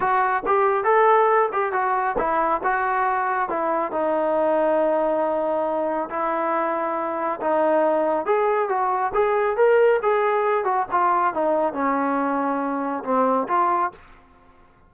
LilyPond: \new Staff \with { instrumentName = "trombone" } { \time 4/4 \tempo 4 = 138 fis'4 g'4 a'4. g'8 | fis'4 e'4 fis'2 | e'4 dis'2.~ | dis'2 e'2~ |
e'4 dis'2 gis'4 | fis'4 gis'4 ais'4 gis'4~ | gis'8 fis'8 f'4 dis'4 cis'4~ | cis'2 c'4 f'4 | }